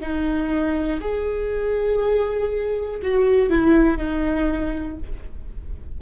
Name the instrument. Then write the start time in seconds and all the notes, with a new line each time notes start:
viola
0.00 D#4
1.00 G#4
3.02 F#4
3.50 E4
3.97 D#4